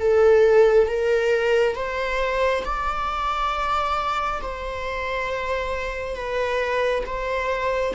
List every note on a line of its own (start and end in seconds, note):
0.00 0.88 A4
0.88 1.76 A#4
1.76 2.64 C5
2.65 4.42 D5
4.42 6.16 C5
6.16 7.04 B4
7.07 7.95 C5